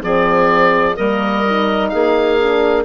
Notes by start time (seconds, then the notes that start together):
0.00 F3 C4 G#4 D5
0.96 G3 A#3 A#4 D#5
1.46 D#4
1.90 A#3 G#4 F5
2.40 D4